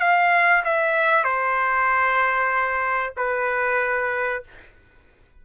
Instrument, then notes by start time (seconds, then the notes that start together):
trumpet
0.00 F5
0.65 E5
1.24 C5
3.17 B4